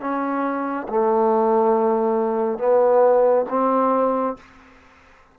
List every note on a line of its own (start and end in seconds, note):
0.00 0.87 C#4
0.88 2.58 A3
2.58 3.45 B3
3.49 4.36 C4